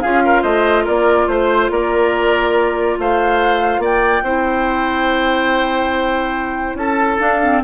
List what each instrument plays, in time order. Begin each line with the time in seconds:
0.00 bassoon C#4, clarinet F4, oboe G#4, flute F5
0.25 oboe A#4
0.42 bassoon A3, oboe C5, flute D#5
0.83 bassoon A#3, oboe A#4, flute D5
1.27 bassoon A3, flute C5, oboe C5
1.70 bassoon A#3, oboe A#4, flute D5
2.98 bassoon A3, oboe C5, flute F5
3.78 bassoon A#3, oboe D5
3.84 flute G5
4.22 bassoon C4, clarinet E4, oboe C5
6.74 bassoon C#4, oboe A4, flute A5
7.19 clarinet D4, bassoon D4, flute F5
7.42 clarinet C4